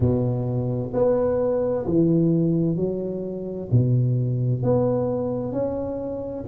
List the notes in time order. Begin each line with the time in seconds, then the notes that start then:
0.00 B2
0.93 B3
1.86 E3
2.76 F#3
3.71 B2
4.62 B3
5.52 C#4